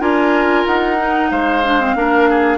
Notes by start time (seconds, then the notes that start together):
0.00 D4 F4 A#4 G#5
0.66 D#4 F#5
0.98 D#4
1.30 G#3 C5 F5
1.64 D4
1.80 C4
1.95 A#3 D4 A#4
2.29 G#4